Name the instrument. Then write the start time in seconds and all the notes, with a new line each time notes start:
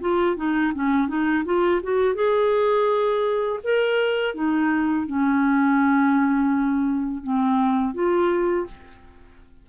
clarinet
0.00 F4
0.36 D#4
0.74 C#4
1.08 D#4
1.45 F4
1.82 F#4
2.15 G#4
3.63 A#4
4.34 D#4
5.06 C#4
7.23 C4
7.94 F4